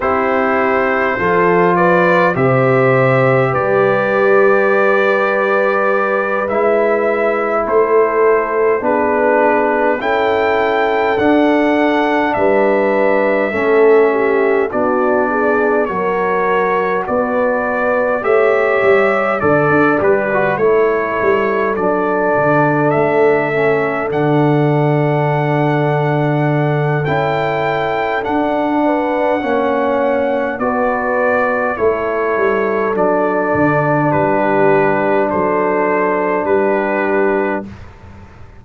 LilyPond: <<
  \new Staff \with { instrumentName = "trumpet" } { \time 4/4 \tempo 4 = 51 c''4. d''8 e''4 d''4~ | d''4. e''4 c''4 b'8~ | b'8 g''4 fis''4 e''4.~ | e''8 d''4 cis''4 d''4 e''8~ |
e''8 d''8 b'8 cis''4 d''4 e''8~ | e''8 fis''2~ fis''8 g''4 | fis''2 d''4 cis''4 | d''4 b'4 c''4 b'4 | }
  \new Staff \with { instrumentName = "horn" } { \time 4/4 g'4 a'8 b'8 c''4 b'4~ | b'2~ b'8 a'4 gis'8~ | gis'8 a'2 b'4 a'8 | g'8 fis'8 gis'8 ais'4 b'4 cis''8~ |
cis''8 d''4 a'2~ a'8~ | a'1~ | a'8 b'8 cis''4 b'4 a'4~ | a'4 g'4 a'4 g'4 | }
  \new Staff \with { instrumentName = "trombone" } { \time 4/4 e'4 f'4 g'2~ | g'4. e'2 d'8~ | d'8 e'4 d'2 cis'8~ | cis'8 d'4 fis'2 g'8~ |
g'8 a'8 g'16 fis'16 e'4 d'4. | cis'8 d'2~ d'8 e'4 | d'4 cis'4 fis'4 e'4 | d'1 | }
  \new Staff \with { instrumentName = "tuba" } { \time 4/4 c'4 f4 c4 g4~ | g4. gis4 a4 b8~ | b8 cis'4 d'4 g4 a8~ | a8 b4 fis4 b4 a8 |
g8 d16 d'16 g8 a8 g8 fis8 d8 a8~ | a8 d2~ d8 cis'4 | d'4 ais4 b4 a8 g8 | fis8 d8 g4 fis4 g4 | }
>>